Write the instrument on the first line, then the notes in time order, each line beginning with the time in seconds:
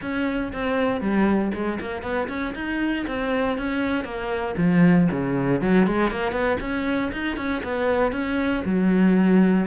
cello
0.01 C#4
0.52 C4
1.00 G3
1.53 G#3
1.80 A#3
2.02 B3
2.28 C#4
2.54 D#4
3.07 C4
3.58 C#4
4.04 A#3
4.57 F3
5.11 C#3
5.61 F#3
5.86 G#3
6.10 A#3
6.31 B3
6.60 C#4
7.12 D#4
7.36 C#4
7.63 B3
8.12 C#4
8.65 F#3